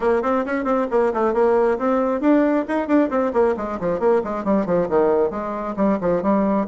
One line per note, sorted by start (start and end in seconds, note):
0.00 0.22 A#3
0.22 0.44 C4
0.45 0.64 C#4
0.64 0.86 C4
0.90 1.13 A#3
1.13 1.33 A3
1.33 1.78 A#3
1.78 2.21 C4
2.21 2.65 D4
2.67 2.87 D#4
2.87 3.09 D4
3.10 3.32 C4
3.33 3.55 A#3
3.57 3.79 G#3
3.79 3.99 F3
3.99 4.22 A#3
4.23 4.44 G#3
4.44 4.65 G3
4.65 4.88 F3
4.89 5.30 D#3
5.30 5.75 G#3
5.76 5.98 G3
6.01 6.22 F3
6.22 6.67 G3